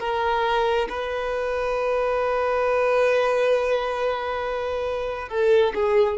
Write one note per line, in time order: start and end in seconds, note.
0.00 0.88 A#4
0.90 5.29 B4
5.29 5.74 A4
5.75 6.18 G#4